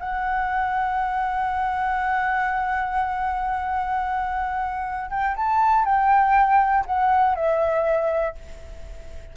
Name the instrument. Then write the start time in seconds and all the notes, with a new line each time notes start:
flute
0.00 F#5
5.11 G5
5.37 A5
5.85 G5
6.86 F#5
7.35 E5